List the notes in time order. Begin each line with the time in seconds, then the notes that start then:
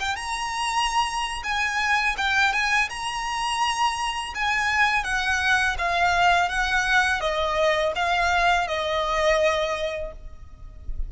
0.00 G5
0.16 A#5
1.44 G#5
2.17 G5
2.53 G#5
2.89 A#5
4.35 G#5
5.04 F#5
5.78 F5
6.49 F#5
7.21 D#5
7.96 F5
8.67 D#5